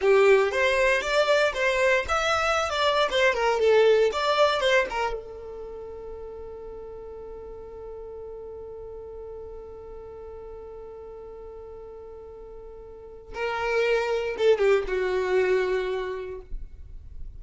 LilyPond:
\new Staff \with { instrumentName = "violin" } { \time 4/4 \tempo 4 = 117 g'4 c''4 d''4 c''4 | e''4~ e''16 d''8. c''8 ais'8 a'4 | d''4 c''8 ais'8 a'2~ | a'1~ |
a'1~ | a'1~ | a'2 ais'2 | a'8 g'8 fis'2. | }